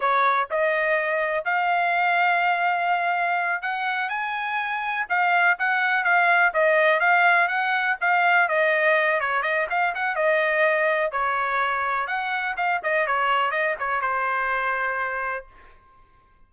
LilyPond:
\new Staff \with { instrumentName = "trumpet" } { \time 4/4 \tempo 4 = 124 cis''4 dis''2 f''4~ | f''2.~ f''8 fis''8~ | fis''8 gis''2 f''4 fis''8~ | fis''8 f''4 dis''4 f''4 fis''8~ |
fis''8 f''4 dis''4. cis''8 dis''8 | f''8 fis''8 dis''2 cis''4~ | cis''4 fis''4 f''8 dis''8 cis''4 | dis''8 cis''8 c''2. | }